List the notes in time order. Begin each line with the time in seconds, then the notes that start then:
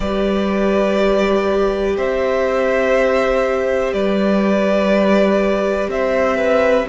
0.00 G3 G4 B4 D5
1.97 C4 C5 E5
3.93 G3 B4 D5
5.88 C4 C5 E5
6.36 B4